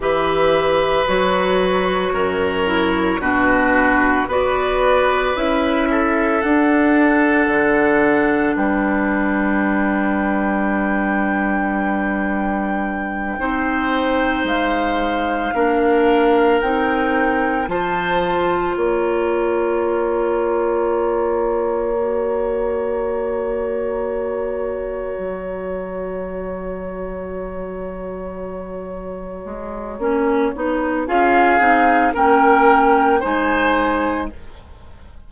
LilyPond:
<<
  \new Staff \with { instrumentName = "flute" } { \time 4/4 \tempo 4 = 56 e''4 cis''2 b'4 | d''4 e''4 fis''2 | g''1~ | g''4. f''2 g''8~ |
g''8 a''4 ais''2~ ais''8~ | ais''1~ | ais''1~ | ais''4 f''4 g''4 gis''4 | }
  \new Staff \with { instrumentName = "oboe" } { \time 4/4 b'2 ais'4 fis'4 | b'4. a'2~ a'8 | b'1~ | b'8 c''2 ais'4.~ |
ais'8 c''4 cis''2~ cis''8~ | cis''1~ | cis''1~ | cis''4 gis'4 ais'4 c''4 | }
  \new Staff \with { instrumentName = "clarinet" } { \time 4/4 g'4 fis'4. e'8 d'4 | fis'4 e'4 d'2~ | d'1~ | d'8 dis'2 d'4 dis'8~ |
dis'8 f'2.~ f'8~ | f'8 fis'2.~ fis'8~ | fis'1 | cis'8 dis'8 f'8 dis'8 cis'4 dis'4 | }
  \new Staff \with { instrumentName = "bassoon" } { \time 4/4 e4 fis4 fis,4 b,4 | b4 cis'4 d'4 d4 | g1~ | g8 c'4 gis4 ais4 c'8~ |
c'8 f4 ais2~ ais8~ | ais2.~ ais8 fis8~ | fis2.~ fis8 gis8 | ais8 b8 cis'8 c'8 ais4 gis4 | }
>>